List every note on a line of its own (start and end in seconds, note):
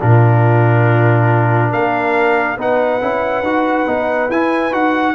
0.00 1.73 A#2
0.00 2.57 D4
0.00 1.70 F4
0.00 1.72 A#4
1.70 2.58 A#3
1.70 2.56 A#4
1.70 2.58 F5
2.57 3.01 B3
2.57 3.01 D#4
2.57 5.14 B4
2.57 4.31 F#5
3.01 3.42 C#4
3.01 3.43 E4
3.42 3.85 D#4
3.42 3.86 F#4
3.86 4.29 B3
3.86 4.29 D#4
4.29 4.71 E4
4.29 4.72 E4
4.29 4.73 G#5
4.71 5.14 D#4
4.71 5.14 F#4
4.71 5.15 F#5